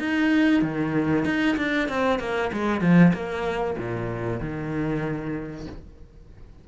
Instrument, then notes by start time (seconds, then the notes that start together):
cello
0.00 D#4
0.63 D#3
1.25 D#4
1.57 D4
1.89 C4
2.20 A#3
2.53 G#3
2.82 F3
3.14 A#3
3.78 A#2
4.41 D#3